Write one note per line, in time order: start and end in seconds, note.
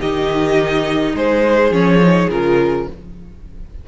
0.00 1.14 D#3
0.00 1.71 D#4
0.00 1.14 G4
0.00 1.15 D#5
1.14 1.70 G#3
1.14 2.86 G#4
1.14 1.72 C5
1.70 2.28 F3
1.70 2.00 C#4
1.70 2.30 C#5
2.01 2.30 D#4
2.29 2.86 C#3
2.29 2.87 F4
2.29 2.88 A#4